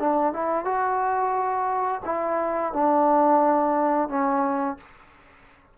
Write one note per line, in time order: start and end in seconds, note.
0.00 0.34 D4
0.34 0.65 E4
0.65 2.02 F#4
2.06 2.74 E4
2.74 4.09 D4
4.09 4.78 C#4